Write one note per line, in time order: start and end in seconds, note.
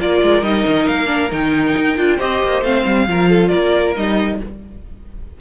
0.00 0.22 A#3
0.00 0.43 F4
0.00 2.17 A#4
0.00 0.43 D5
0.22 0.43 G#3
0.43 0.65 G3
0.43 1.06 D#4
0.43 0.87 D#5
0.67 0.89 D#3
0.87 1.32 A#3
0.87 1.32 F5
1.06 1.28 D4
1.32 1.76 D#3
1.32 1.97 D#4
1.32 2.19 G5
1.77 1.98 D#4
1.97 2.20 D4
1.97 2.19 F4
2.17 2.43 C4
2.17 2.63 G4
2.17 3.05 C5
2.17 2.64 D#5
2.43 2.62 A#3
2.62 2.84 A3
2.62 3.08 C4
2.62 3.48 F5
2.86 3.08 G3
3.08 3.52 F3
3.08 3.96 F4
3.08 3.29 A#4
3.29 3.50 A4
3.48 3.97 A#3
3.48 4.38 A#4
3.48 3.92 D5
3.96 4.41 G3
3.96 4.40 D#4
3.96 4.41 D#5